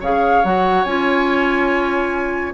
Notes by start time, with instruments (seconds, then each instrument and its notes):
0.00 bassoon C#3, clarinet G#4, oboe C#5, flute F5
0.44 bassoon F#3, clarinet F#4, flute F#5
0.84 bassoon C#4, clarinet F4, flute G#5